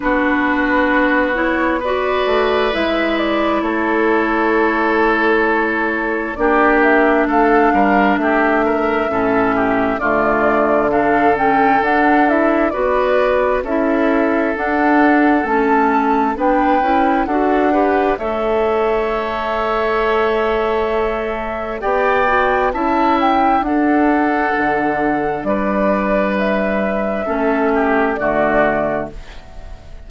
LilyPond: <<
  \new Staff \with { instrumentName = "flute" } { \time 4/4 \tempo 4 = 66 b'4. cis''8 d''4 e''8 d''8 | cis''2. d''8 e''8 | f''4 e''2 d''4 | f''8 g''8 fis''8 e''8 d''4 e''4 |
fis''4 a''4 g''4 fis''4 | e''1 | g''4 a''8 g''8 fis''2 | d''4 e''2 d''4 | }
  \new Staff \with { instrumentName = "oboe" } { \time 4/4 fis'2 b'2 | a'2. g'4 | a'8 ais'8 g'8 ais'8 a'8 g'8 f'4 | a'2 b'4 a'4~ |
a'2 b'4 a'8 b'8 | cis''1 | d''4 e''4 a'2 | b'2 a'8 g'8 fis'4 | }
  \new Staff \with { instrumentName = "clarinet" } { \time 4/4 d'4. e'8 fis'4 e'4~ | e'2. d'4~ | d'2 cis'4 a4 | d'8 cis'8 d'8 e'8 fis'4 e'4 |
d'4 cis'4 d'8 e'8 fis'8 g'8 | a'1 | g'8 fis'8 e'4 d'2~ | d'2 cis'4 a4 | }
  \new Staff \with { instrumentName = "bassoon" } { \time 4/4 b2~ b8 a8 gis4 | a2. ais4 | a8 g8 a4 a,4 d4~ | d4 d'4 b4 cis'4 |
d'4 a4 b8 cis'8 d'4 | a1 | b4 cis'4 d'4 d4 | g2 a4 d4 | }
>>